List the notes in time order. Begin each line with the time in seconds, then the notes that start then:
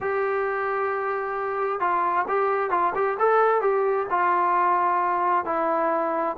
0.00 G4
1.80 F4
2.27 G4
2.70 F4
2.94 G4
3.19 A4
3.61 G4
4.10 F4
5.45 E4